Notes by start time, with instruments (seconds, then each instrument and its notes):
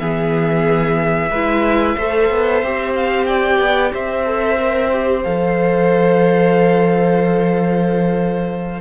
0.00 cello E3, viola B3, violin G#4 E5
1.31 cello G#3, viola E4, violin B4
1.96 cello A3, viola A4, violin C5
2.30 cello B3
2.63 cello C4, viola G4
2.95 violin F5
3.27 violin D5 G5
3.60 cello B3
3.93 cello C4, violin C5 E5
4.26 viola A4
4.59 viola A#4
4.93 viola G4
5.23 cello F3, viola A4, violin F5